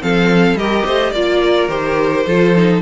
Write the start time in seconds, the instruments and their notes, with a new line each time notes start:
0.00 cello F3, viola C4, violin A4 F5
0.54 cello G3, viola G4, violin A#4 D#5
0.85 cello A3, violin C5
1.10 cello A#3, viola F4, violin D5
1.42 violin A#4
1.68 cello D#3, viola G4, violin C5
2.26 cello F3, viola F4, violin A4
2.56 viola D#4